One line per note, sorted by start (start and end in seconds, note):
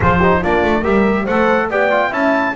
0.00 0.44 F3
0.00 0.20 F4
0.00 0.18 G#4
0.00 0.43 C5
0.18 0.43 D#4
0.18 0.39 G4
0.41 0.63 A#3
0.41 0.83 D4
0.41 0.80 F4
0.41 0.84 D5
0.63 0.84 A3
0.80 1.27 G3
0.80 1.25 G4
0.80 1.23 A#4
0.80 1.26 E5
1.24 1.70 A3
1.24 1.70 A4
1.24 1.67 C5
1.24 1.69 F#5
1.70 2.10 B3
1.70 1.90 G4
1.70 2.09 D5
1.70 2.13 G5
1.90 2.11 F4
2.09 2.53 C#4
2.09 2.54 E4
2.09 2.52 E5
2.09 2.55 A5